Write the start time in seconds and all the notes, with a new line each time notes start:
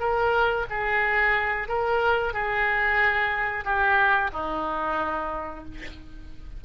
0.00 A#4
0.70 G#4
1.68 A#4
2.34 G#4
3.65 G4
4.33 D#4